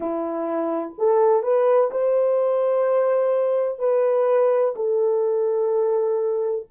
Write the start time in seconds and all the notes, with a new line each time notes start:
0.00 E4
0.97 A4
1.42 B4
1.90 C5
3.78 B4
4.75 A4